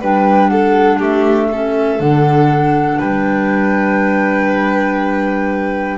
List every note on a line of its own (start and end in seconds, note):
0.00 1.00 G3
0.00 1.51 D4
0.00 0.50 B4
0.00 0.48 G5
0.48 0.98 A4
0.48 0.98 F#5
0.98 2.00 A3
0.98 1.48 G4
0.98 2.00 E5
1.51 1.99 C#4
1.51 2.98 A4
1.99 3.00 D3
1.99 5.97 D4
1.99 3.00 F#5
2.98 5.97 G3
2.98 5.97 B4
2.98 5.97 G5